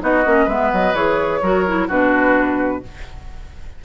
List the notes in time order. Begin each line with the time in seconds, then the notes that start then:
0.00 B3 D#4 F#4 D#5
0.25 A#3 C#4
0.45 G#3 B3 B4 E5
0.73 F#3 D#5
0.93 E3 G#4 C#5
1.42 F#3 F#4 A#4
1.66 E4
1.87 B2 D4 F#4 B4